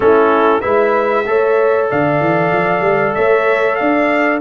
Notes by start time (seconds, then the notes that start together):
0.00 A3 C#4 E4 A4
0.60 G#3 E4 B4 E5
1.26 A3 A4 C#5
1.90 D3 D5 F5
2.20 E3
2.52 F3
2.81 G3
3.14 A3 C#5 E5
3.75 D4 D5 F5